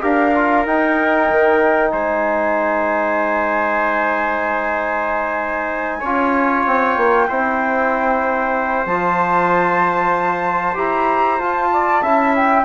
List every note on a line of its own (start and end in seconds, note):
0.00 0.66 D4
0.00 0.32 G4
0.00 1.91 A#4
0.00 0.65 F5
0.34 0.66 F4
0.66 6.02 D#4
0.66 1.29 D#4
0.66 1.90 G5
1.30 1.91 D#3
1.90 6.02 G#3
1.90 6.00 C5
1.90 6.64 G#5
6.00 6.65 C#4
6.00 7.29 F4
6.00 7.26 C#5
6.66 6.97 C4
6.66 8.86 G5
6.97 7.28 A#3
7.28 8.85 C4
7.28 8.87 E4
7.28 11.70 C5
8.85 10.75 F3
8.85 10.74 F4
8.85 10.75 A5
10.74 11.39 E4
10.74 11.37 G4
10.74 11.40 A#5
11.38 12.01 F4
11.38 12.02 F4
11.38 12.34 A5
11.73 12.02 D5
12.02 12.65 C#4
12.02 12.65 E4
12.02 12.65 E5
12.35 12.65 G5